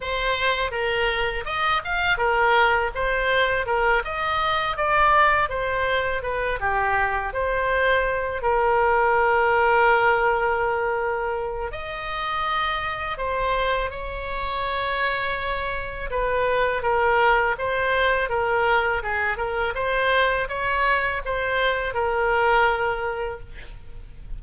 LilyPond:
\new Staff \with { instrumentName = "oboe" } { \time 4/4 \tempo 4 = 82 c''4 ais'4 dis''8 f''8 ais'4 | c''4 ais'8 dis''4 d''4 c''8~ | c''8 b'8 g'4 c''4. ais'8~ | ais'1 |
dis''2 c''4 cis''4~ | cis''2 b'4 ais'4 | c''4 ais'4 gis'8 ais'8 c''4 | cis''4 c''4 ais'2 | }